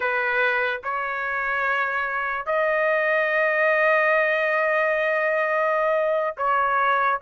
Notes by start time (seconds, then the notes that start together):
0.00 B4
0.83 C#5
2.46 D#5
6.37 C#5